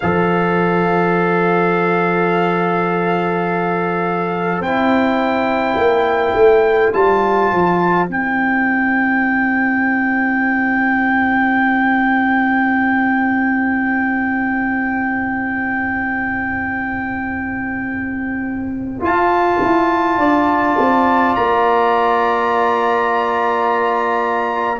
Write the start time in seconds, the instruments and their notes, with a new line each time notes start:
0.00 tuba F3, trombone A4, horn C5, trumpet F5
4.60 tuba C4, trombone E4, trumpet G5
5.75 tuba A#3
6.34 tuba A3
6.93 tuba G3, trombone F4, trumpet A5
7.51 tuba F3
8.07 tuba C4, trombone E4, trumpet G5
19.00 trombone F4, tuba F4, trumpet A5
19.61 tuba E4
20.18 tuba D4, horn D5
20.78 tuba C4
21.35 tuba A#3, trumpet A#5